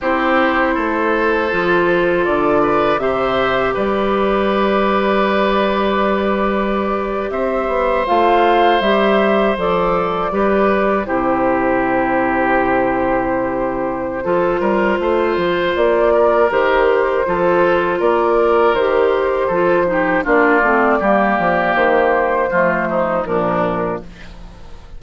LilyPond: <<
  \new Staff \with { instrumentName = "flute" } { \time 4/4 \tempo 4 = 80 c''2. d''4 | e''4 d''2.~ | d''4.~ d''16 e''4 f''4 e''16~ | e''8. d''2 c''4~ c''16~ |
c''1~ | c''4 d''4 c''2 | d''4 c''2 d''4~ | d''4 c''2 ais'4 | }
  \new Staff \with { instrumentName = "oboe" } { \time 4/4 g'4 a'2~ a'8 b'8 | c''4 b'2.~ | b'4.~ b'16 c''2~ c''16~ | c''4.~ c''16 b'4 g'4~ g'16~ |
g'2. a'8 ais'8 | c''4. ais'4. a'4 | ais'2 a'8 g'8 f'4 | g'2 f'8 dis'8 d'4 | }
  \new Staff \with { instrumentName = "clarinet" } { \time 4/4 e'2 f'2 | g'1~ | g'2~ g'8. f'4 g'16~ | g'8. a'4 g'4 e'4~ e'16~ |
e'2. f'4~ | f'2 g'4 f'4~ | f'4 g'4 f'8 dis'8 d'8 c'8 | ais2 a4 f4 | }
  \new Staff \with { instrumentName = "bassoon" } { \time 4/4 c'4 a4 f4 d4 | c4 g2.~ | g4.~ g16 c'8 b8 a4 g16~ | g8. f4 g4 c4~ c16~ |
c2. f8 g8 | a8 f8 ais4 dis4 f4 | ais4 dis4 f4 ais8 a8 | g8 f8 dis4 f4 ais,4 | }
>>